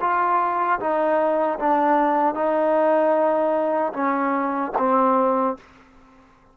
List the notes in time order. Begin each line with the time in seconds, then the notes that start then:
0.00 F4
0.79 D#4
1.59 D4
2.34 D#4
3.93 C#4
4.78 C4